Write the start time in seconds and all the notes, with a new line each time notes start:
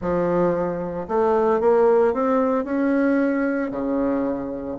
0.01 F3
1.08 A3
1.60 A#3
2.13 C4
2.64 C#4
3.70 C#3